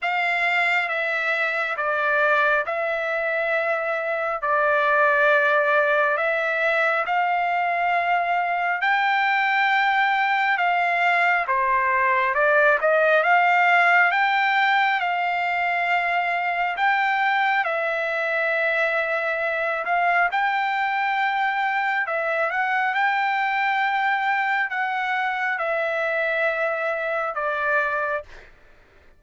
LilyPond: \new Staff \with { instrumentName = "trumpet" } { \time 4/4 \tempo 4 = 68 f''4 e''4 d''4 e''4~ | e''4 d''2 e''4 | f''2 g''2 | f''4 c''4 d''8 dis''8 f''4 |
g''4 f''2 g''4 | e''2~ e''8 f''8 g''4~ | g''4 e''8 fis''8 g''2 | fis''4 e''2 d''4 | }